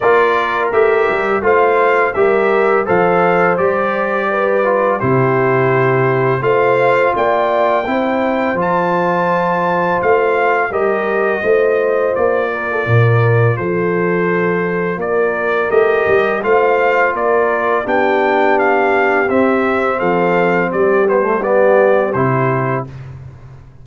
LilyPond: <<
  \new Staff \with { instrumentName = "trumpet" } { \time 4/4 \tempo 4 = 84 d''4 e''4 f''4 e''4 | f''4 d''2 c''4~ | c''4 f''4 g''2 | a''2 f''4 dis''4~ |
dis''4 d''2 c''4~ | c''4 d''4 dis''4 f''4 | d''4 g''4 f''4 e''4 | f''4 d''8 c''8 d''4 c''4 | }
  \new Staff \with { instrumentName = "horn" } { \time 4/4 ais'2 c''4 ais'4 | c''2 b'4 g'4~ | g'4 c''4 d''4 c''4~ | c''2. ais'4 |
c''4. ais'16 a'16 ais'4 a'4~ | a'4 ais'2 c''4 | ais'4 g'2. | a'4 g'2. | }
  \new Staff \with { instrumentName = "trombone" } { \time 4/4 f'4 g'4 f'4 g'4 | a'4 g'4. f'8 e'4~ | e'4 f'2 e'4 | f'2. g'4 |
f'1~ | f'2 g'4 f'4~ | f'4 d'2 c'4~ | c'4. b16 a16 b4 e'4 | }
  \new Staff \with { instrumentName = "tuba" } { \time 4/4 ais4 a8 g8 a4 g4 | f4 g2 c4~ | c4 a4 ais4 c'4 | f2 a4 g4 |
a4 ais4 ais,4 f4~ | f4 ais4 a8 g8 a4 | ais4 b2 c'4 | f4 g2 c4 | }
>>